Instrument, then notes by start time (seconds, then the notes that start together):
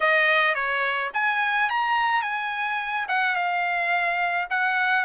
trumpet
0.00 D#5
0.54 C#5
1.13 G#5
1.69 A#5
2.22 G#5
3.08 F#5
3.35 F5
4.50 F#5